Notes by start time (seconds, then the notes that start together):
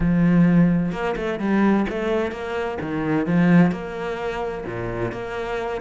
0.00 F3
0.92 A#3
1.16 A3
1.39 G3
1.89 A3
2.31 A#3
2.81 D#3
3.26 F3
3.71 A#3
4.65 A#2
5.12 A#3